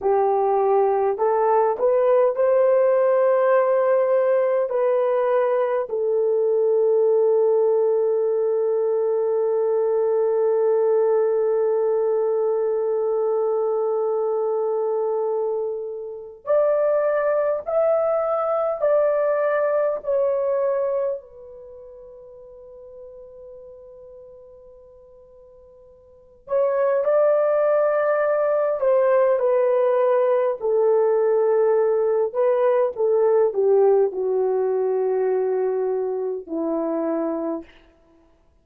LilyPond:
\new Staff \with { instrumentName = "horn" } { \time 4/4 \tempo 4 = 51 g'4 a'8 b'8 c''2 | b'4 a'2.~ | a'1~ | a'2 d''4 e''4 |
d''4 cis''4 b'2~ | b'2~ b'8 cis''8 d''4~ | d''8 c''8 b'4 a'4. b'8 | a'8 g'8 fis'2 e'4 | }